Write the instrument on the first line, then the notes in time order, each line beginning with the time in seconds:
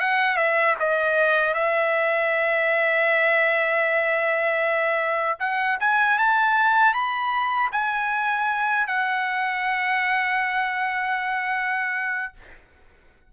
trumpet
0.00 F#5
0.37 E5
0.80 D#5
1.54 E5
5.40 F#5
5.80 G#5
6.19 A5
6.94 B5
7.72 G#5
8.87 F#5